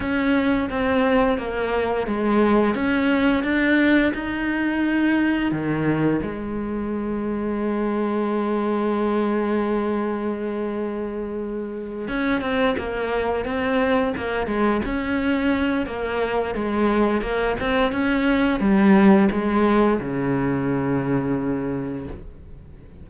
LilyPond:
\new Staff \with { instrumentName = "cello" } { \time 4/4 \tempo 4 = 87 cis'4 c'4 ais4 gis4 | cis'4 d'4 dis'2 | dis4 gis2.~ | gis1~ |
gis4. cis'8 c'8 ais4 c'8~ | c'8 ais8 gis8 cis'4. ais4 | gis4 ais8 c'8 cis'4 g4 | gis4 cis2. | }